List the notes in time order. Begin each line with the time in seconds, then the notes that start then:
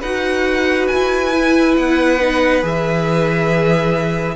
0.00 D#4 F#4 B4 F#5
0.87 E4 G#5
1.32 E4
1.77 B3 F#5
2.20 D#4
2.62 E3 G#4 E5